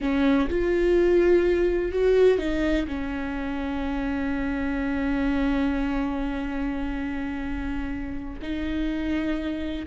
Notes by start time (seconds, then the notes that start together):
0.00 C#4
0.49 F4
1.92 F#4
2.38 D#4
2.87 C#4
8.42 D#4